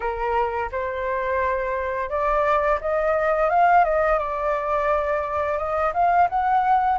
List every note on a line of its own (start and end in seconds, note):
0.00 0.70 A#4
0.71 2.09 C5
2.09 2.79 D5
2.80 3.49 D#5
3.49 3.84 F5
3.84 4.18 D#5
4.18 5.58 D5
5.58 5.92 D#5
5.93 6.28 F5
6.29 6.98 F#5